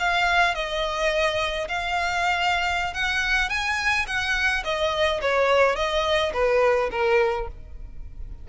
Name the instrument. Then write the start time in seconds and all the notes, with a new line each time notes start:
violin
0.00 F5
0.55 D#5
1.69 F5
2.94 F#5
3.50 G#5
4.07 F#5
4.64 D#5
5.22 C#5
5.76 D#5
6.34 B4
6.92 A#4